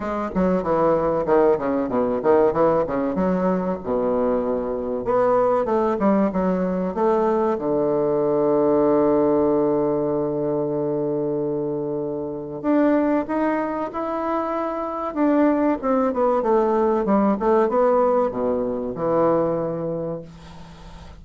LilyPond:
\new Staff \with { instrumentName = "bassoon" } { \time 4/4 \tempo 4 = 95 gis8 fis8 e4 dis8 cis8 b,8 dis8 | e8 cis8 fis4 b,2 | b4 a8 g8 fis4 a4 | d1~ |
d1 | d'4 dis'4 e'2 | d'4 c'8 b8 a4 g8 a8 | b4 b,4 e2 | }